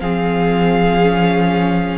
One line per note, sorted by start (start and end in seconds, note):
0.00 1.98 F3
0.00 1.02 C4
0.00 1.98 G#4
0.00 1.98 F5
1.02 1.98 C#4